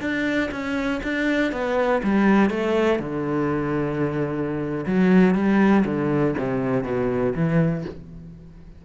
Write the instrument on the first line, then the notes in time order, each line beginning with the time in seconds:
cello
0.00 D4
0.51 C#4
1.03 D4
1.52 B3
2.03 G3
2.50 A3
2.99 D3
4.85 F#3
5.35 G3
5.85 D3
6.38 C3
6.83 B2
7.35 E3